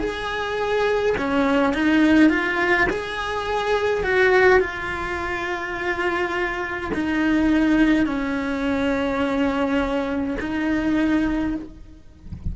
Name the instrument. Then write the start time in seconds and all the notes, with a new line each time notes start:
cello
0.00 G#4
1.17 C#4
1.74 D#4
2.29 F4
2.89 G#4
4.03 F#4
4.59 F4
6.93 D#4
8.06 C#4
10.40 D#4